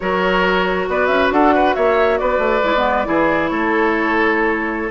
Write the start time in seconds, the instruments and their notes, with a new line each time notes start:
0.00 bassoon F#3, clarinet F#4, oboe A#4, flute C#5
0.88 bassoon B3, oboe B4, flute D5
1.06 bassoon C#4, flute E5
1.30 bassoon D4, oboe A4, flute F#5
1.54 oboe B4
1.74 bassoon A#3, oboe C#5, flute E5
2.18 bassoon B3, oboe B4, flute D5
2.38 bassoon A3
2.63 bassoon G#3, clarinet E4
2.76 clarinet B3
3.04 bassoon E3, clarinet E4, oboe G#4
3.48 bassoon A3, oboe A4, flute C#5